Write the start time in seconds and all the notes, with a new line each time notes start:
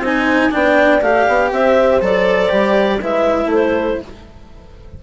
0.00 C4 D#4 C5 G#5
0.51 B3 D4 D5 G5
1.02 A3 G4 F5
1.28 B3
1.52 C4 C5 E5
2.02 F#3 A4 D5
2.50 G3 G4
3.01 G#3 E4 B4 E5
3.46 A3 A4
3.54 C5